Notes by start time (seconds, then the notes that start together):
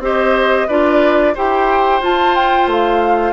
0.00 C4 G4 C5 D#5
0.68 D4 F4 B4 D5
1.35 E4 G4 C5 G5
2.01 F4 A5
2.36 G5
2.67 A3 F5